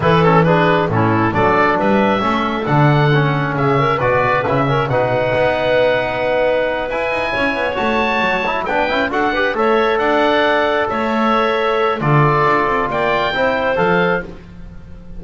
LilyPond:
<<
  \new Staff \with { instrumentName = "oboe" } { \time 4/4 \tempo 4 = 135 b'8 a'8 b'4 a'4 d''4 | e''2 fis''2 | e''4 d''4 e''4 fis''4~ | fis''2.~ fis''8 gis''8~ |
gis''4. a''2 g''8~ | g''8 fis''4 e''4 fis''4.~ | fis''8 e''2~ e''8 d''4~ | d''4 g''2 f''4 | }
  \new Staff \with { instrumentName = "clarinet" } { \time 4/4 a'4 gis'4 e'4 a'4 | b'4 a'2. | gis'8 ais'8 b'4. ais'8 b'4~ | b'1~ |
b'8 cis''2. b'8~ | b'8 a'8 b'8 cis''4 d''4.~ | d''8 cis''2~ cis''8 a'4~ | a'4 d''4 c''2 | }
  \new Staff \with { instrumentName = "trombone" } { \time 4/4 e'8 cis'8 d'4 cis'4 d'4~ | d'4 cis'4 d'4 cis'4~ | cis'4 fis'4 e'8 cis'8 dis'4~ | dis'2.~ dis'8 e'8~ |
e'4. fis'4. e'8 d'8 | e'8 fis'8 g'8 a'2~ a'8~ | a'2. f'4~ | f'2 e'4 a'4 | }
  \new Staff \with { instrumentName = "double bass" } { \time 4/4 e2 a,4 fis4 | g4 a4 d2 | cis4 b,4 cis4 b,4 | b2.~ b8 e'8 |
dis'8 cis'8 b8 a4 fis4 b8 | cis'8 d'4 a4 d'4.~ | d'8 a2~ a8 d4 | d'8 c'8 ais4 c'4 f4 | }
>>